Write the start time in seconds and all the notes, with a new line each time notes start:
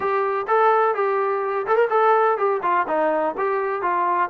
0.00 G4
0.47 A4
0.95 G4
1.66 A4
1.76 A#4
1.90 A4
2.37 G4
2.62 F4
2.87 D#4
3.37 G4
3.82 F4